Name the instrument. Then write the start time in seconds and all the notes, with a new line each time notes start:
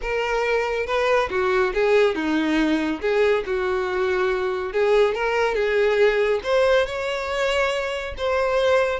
violin
0.01 A#4
0.86 B4
1.30 F#4
1.74 G#4
2.15 D#4
3.01 G#4
3.46 F#4
4.72 G#4
5.14 A#4
5.54 G#4
6.43 C5
6.86 C#5
8.17 C5